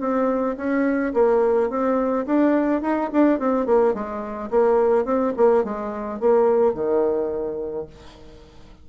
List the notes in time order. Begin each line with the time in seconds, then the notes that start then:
0.00 C4
0.56 C#4
1.13 A#3
1.69 C4
2.26 D4
2.82 D#4
3.12 D4
3.39 C4
3.66 A#3
3.94 G#3
4.50 A#3
5.05 C4
5.37 A#3
5.64 G#3
6.20 A#3
6.74 D#3